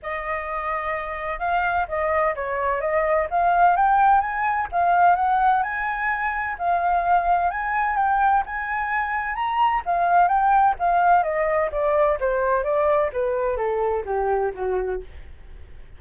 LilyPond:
\new Staff \with { instrumentName = "flute" } { \time 4/4 \tempo 4 = 128 dis''2. f''4 | dis''4 cis''4 dis''4 f''4 | g''4 gis''4 f''4 fis''4 | gis''2 f''2 |
gis''4 g''4 gis''2 | ais''4 f''4 g''4 f''4 | dis''4 d''4 c''4 d''4 | b'4 a'4 g'4 fis'4 | }